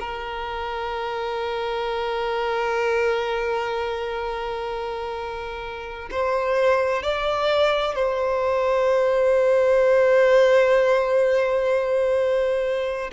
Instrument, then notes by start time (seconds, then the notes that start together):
violin
0.00 A#4
6.11 C5
7.03 D5
7.95 C5